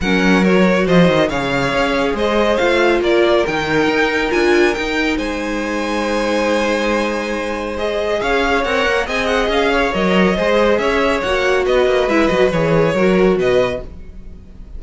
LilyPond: <<
  \new Staff \with { instrumentName = "violin" } { \time 4/4 \tempo 4 = 139 fis''4 cis''4 dis''4 f''4~ | f''4 dis''4 f''4 d''4 | g''2 gis''4 g''4 | gis''1~ |
gis''2 dis''4 f''4 | fis''4 gis''8 fis''8 f''4 dis''4~ | dis''4 e''4 fis''4 dis''4 | e''8 dis''8 cis''2 dis''4 | }
  \new Staff \with { instrumentName = "violin" } { \time 4/4 ais'2 c''4 cis''4~ | cis''4 c''2 ais'4~ | ais'1 | c''1~ |
c''2. cis''4~ | cis''4 dis''4. cis''4. | c''4 cis''2 b'4~ | b'2 ais'4 b'4 | }
  \new Staff \with { instrumentName = "viola" } { \time 4/4 cis'4 fis'2 gis'4~ | gis'2 f'2 | dis'2 f'4 dis'4~ | dis'1~ |
dis'2 gis'2 | ais'4 gis'2 ais'4 | gis'2 fis'2 | e'8 fis'8 gis'4 fis'2 | }
  \new Staff \with { instrumentName = "cello" } { \time 4/4 fis2 f8 dis8 cis4 | cis'4 gis4 a4 ais4 | dis4 dis'4 d'4 dis'4 | gis1~ |
gis2. cis'4 | c'8 ais8 c'4 cis'4 fis4 | gis4 cis'4 ais4 b8 ais8 | gis8 fis8 e4 fis4 b,4 | }
>>